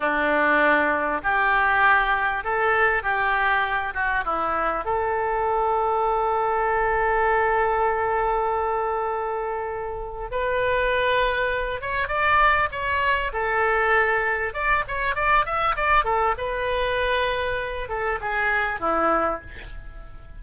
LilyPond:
\new Staff \with { instrumentName = "oboe" } { \time 4/4 \tempo 4 = 99 d'2 g'2 | a'4 g'4. fis'8 e'4 | a'1~ | a'1~ |
a'4 b'2~ b'8 cis''8 | d''4 cis''4 a'2 | d''8 cis''8 d''8 e''8 d''8 a'8 b'4~ | b'4. a'8 gis'4 e'4 | }